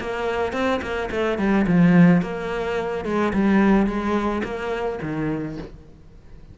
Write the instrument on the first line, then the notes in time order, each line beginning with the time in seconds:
cello
0.00 A#3
0.53 C4
0.82 A#3
1.11 A3
1.38 G3
1.67 F3
2.22 A#3
3.05 G#3
3.33 G3
3.86 G#3
4.43 A#3
5.02 D#3